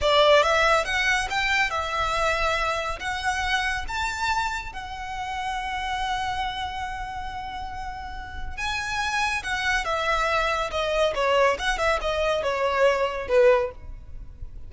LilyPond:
\new Staff \with { instrumentName = "violin" } { \time 4/4 \tempo 4 = 140 d''4 e''4 fis''4 g''4 | e''2. fis''4~ | fis''4 a''2 fis''4~ | fis''1~ |
fis''1 | gis''2 fis''4 e''4~ | e''4 dis''4 cis''4 fis''8 e''8 | dis''4 cis''2 b'4 | }